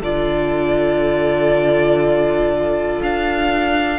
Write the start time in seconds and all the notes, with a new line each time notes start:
0.00 D3 F4 A4 D5
3.02 D4 F5